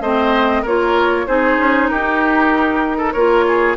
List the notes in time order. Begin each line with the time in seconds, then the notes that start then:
0.00 A3 C4 C5 D#5
0.62 A#3 F4 A#4 C#5
1.26 C4 D#4 G#4 C5
1.58 C#4
1.88 D#4 G4 A#4
2.97 A4
3.12 A#3 F4 A#4 C#5
3.47 G#4